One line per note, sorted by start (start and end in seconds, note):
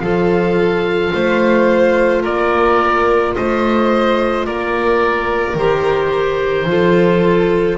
0.00 1.12 F3
0.00 5.56 F4
0.00 1.14 A4
0.00 2.22 F5
1.14 2.25 A3
1.14 2.22 C5
2.22 3.36 A#3
2.22 3.33 A#4
2.22 3.35 D5
3.35 4.47 A3
3.35 4.46 C5
3.35 4.46 D#5
4.46 5.54 A#3
4.46 6.68 A#4
4.46 5.57 D5
5.54 6.64 D#3
5.54 6.67 G4
5.54 7.78 C5
6.64 7.75 F3
6.64 7.78 F4
6.70 7.78 A4